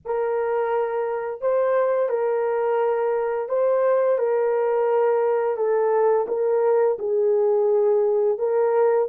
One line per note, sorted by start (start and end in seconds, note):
0.05 1.41 A#4
1.41 2.09 C5
2.09 3.48 A#4
3.49 4.18 C5
4.18 5.56 A#4
5.56 6.26 A4
6.28 6.97 A#4
6.99 8.38 G#4
8.38 9.08 A#4